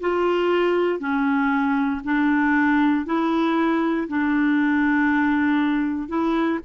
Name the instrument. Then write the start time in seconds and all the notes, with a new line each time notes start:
clarinet
0.00 F4
0.99 C#4
2.03 D4
3.05 E4
4.07 D4
6.08 E4